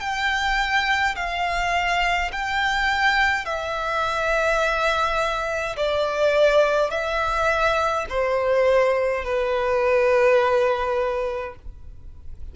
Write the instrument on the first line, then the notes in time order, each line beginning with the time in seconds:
violin
0.00 G5
1.16 F5
2.32 G5
3.46 E5
5.76 D5
6.90 E5
8.09 C5
9.25 B4